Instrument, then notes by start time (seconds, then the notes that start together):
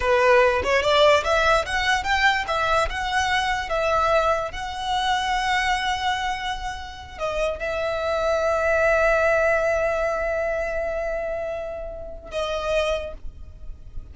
violin
0.00 B4
0.63 C#5
0.82 D5
1.24 E5
1.65 F#5
2.03 G5
2.47 E5
2.89 F#5
3.69 E5
4.51 F#5
7.18 D#5
7.59 E5
12.31 D#5